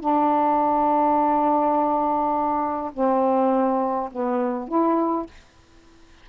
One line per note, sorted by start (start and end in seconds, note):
0.00 2.91 D4
2.93 4.10 C4
4.11 4.68 B3
4.68 5.26 E4